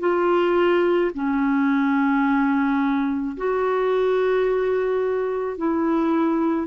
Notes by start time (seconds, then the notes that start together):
0.00 F4
1.14 C#4
3.37 F#4
5.58 E4